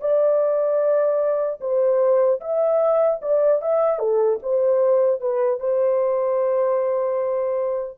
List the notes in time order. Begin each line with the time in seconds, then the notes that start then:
0.00 D5
1.60 C5
2.40 E5
3.21 D5
3.61 E5
3.99 A4
4.43 C5
5.21 B4
5.60 C5